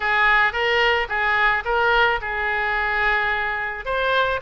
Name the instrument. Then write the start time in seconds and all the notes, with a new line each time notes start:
oboe
0.00 G#4
0.52 A#4
1.08 G#4
1.64 A#4
2.21 G#4
3.85 C5